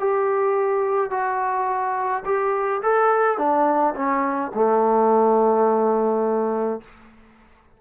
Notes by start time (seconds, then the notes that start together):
0.00 G4
1.11 F#4
2.25 G4
2.83 A4
3.38 D4
3.95 C#4
4.55 A3